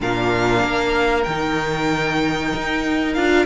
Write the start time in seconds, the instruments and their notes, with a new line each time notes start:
0.00 cello A#2, viola D4, violin A#4 F5
0.63 cello A#3
1.23 cello D#3, violin G5
1.30 viola D#4
2.55 cello D#4
3.14 cello D4, viola F4, violin F5